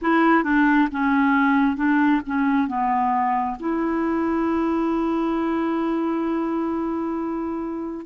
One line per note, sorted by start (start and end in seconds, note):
0.01 0.43 E4
0.43 0.88 D4
0.91 1.76 C#4
1.76 2.21 D4
2.26 2.67 C#4
2.67 3.57 B3
3.59 8.06 E4